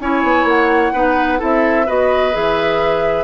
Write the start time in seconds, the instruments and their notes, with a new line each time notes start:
0.00 bassoon C#4, clarinet E4, oboe C#5, flute G#5
0.23 bassoon B3
0.44 bassoon A#3, flute F#5
0.93 bassoon B3, clarinet D#4, oboe B4
1.38 bassoon C4, clarinet E4, oboe A4, flute E5
1.86 bassoon B3, clarinet F#4, oboe B4, flute D#5
2.32 bassoon E3, clarinet G#4, flute E5